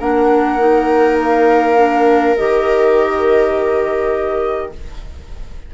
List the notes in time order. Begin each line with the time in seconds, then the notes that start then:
0.00 A#3 D4 A#4 F#5
0.59 D#4
1.23 F5
1.76 D4
2.36 D#3 G4 D#5